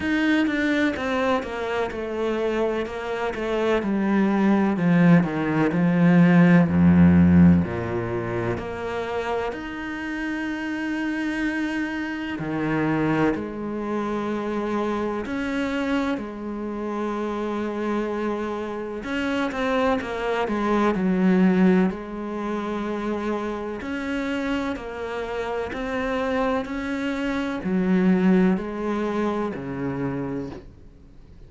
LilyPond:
\new Staff \with { instrumentName = "cello" } { \time 4/4 \tempo 4 = 63 dis'8 d'8 c'8 ais8 a4 ais8 a8 | g4 f8 dis8 f4 f,4 | ais,4 ais4 dis'2~ | dis'4 dis4 gis2 |
cis'4 gis2. | cis'8 c'8 ais8 gis8 fis4 gis4~ | gis4 cis'4 ais4 c'4 | cis'4 fis4 gis4 cis4 | }